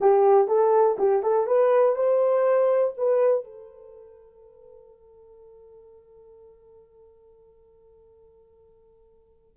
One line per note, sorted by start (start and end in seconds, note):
0.00 0.47 G4
0.47 0.96 A4
0.98 1.22 G4
1.22 1.46 A4
1.46 1.95 B4
1.95 2.94 C5
2.97 3.43 B4
3.43 9.56 A4